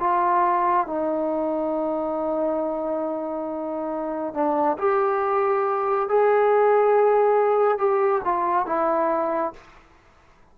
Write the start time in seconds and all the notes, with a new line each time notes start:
0.00 F4
0.87 D#4
4.34 D4
4.79 G4
6.09 G#4
7.79 G4
8.25 F4
8.66 E4